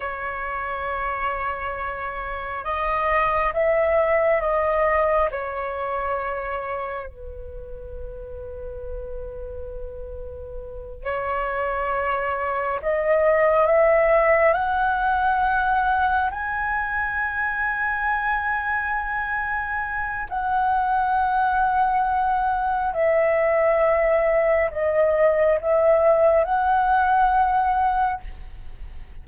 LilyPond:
\new Staff \with { instrumentName = "flute" } { \time 4/4 \tempo 4 = 68 cis''2. dis''4 | e''4 dis''4 cis''2 | b'1~ | b'8 cis''2 dis''4 e''8~ |
e''8 fis''2 gis''4.~ | gis''2. fis''4~ | fis''2 e''2 | dis''4 e''4 fis''2 | }